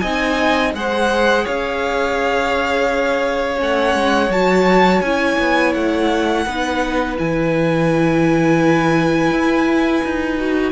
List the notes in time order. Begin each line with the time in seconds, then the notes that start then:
0.00 C4 D#4 D#5 G#5
0.74 G#3 G#4 C5 F#5
1.45 C#4 C#5 F5
3.57 A3 C#4 F#5
3.94 G#3
4.30 F#3 F#4 A5
5.02 C#4 E4 G#5
5.39 B3
5.74 A3 F#5
6.45 B3 D#4 B4
7.18 E3 E4 G#5
9.31 E4
10.04 D#4
10.38 F#4